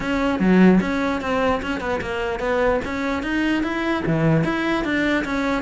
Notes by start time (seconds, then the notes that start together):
0.00 C#4
0.39 F#3
0.81 C#4
1.21 C4
1.62 C#4
1.80 B3
2.01 A#3
2.39 B3
2.84 C#4
3.22 D#4
3.63 E4
4.06 E3
4.44 E4
4.84 D4
5.24 C#4